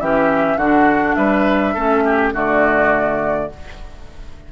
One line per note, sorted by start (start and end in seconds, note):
0.00 0.56 E3
0.00 0.59 C#4
0.00 0.57 G4
0.00 0.58 E5
0.56 1.14 D3
0.56 1.77 D4
0.56 1.16 F#4
0.56 1.15 F#5
1.15 1.75 G3
1.15 1.74 B4
1.15 2.31 E5
1.74 2.32 A3
1.74 2.33 C#4
1.74 2.03 A4
2.05 2.33 G4
2.32 3.49 D3
2.32 3.50 A3
2.32 3.50 F#4
2.32 3.52 D5